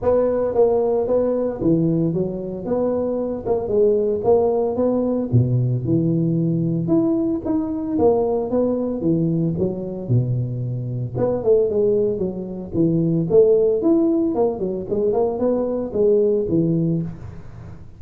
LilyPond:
\new Staff \with { instrumentName = "tuba" } { \time 4/4 \tempo 4 = 113 b4 ais4 b4 e4 | fis4 b4. ais8 gis4 | ais4 b4 b,4 e4~ | e4 e'4 dis'4 ais4 |
b4 e4 fis4 b,4~ | b,4 b8 a8 gis4 fis4 | e4 a4 e'4 ais8 fis8 | gis8 ais8 b4 gis4 e4 | }